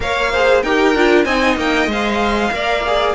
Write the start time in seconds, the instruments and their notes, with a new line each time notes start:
0.00 cello A#3, viola A#4, violin C#5 F5
0.31 viola G#4, violin C5
0.62 cello D#4, viola G4, violin A#4 G5
0.95 cello D4, viola F4
1.24 cello C4, viola D#4, violin D#5 G#5
1.56 cello A#3, violin G5
1.86 cello G#3, viola C5, violin F5
2.51 cello A#3, viola A#4, violin D5
2.86 viola G#4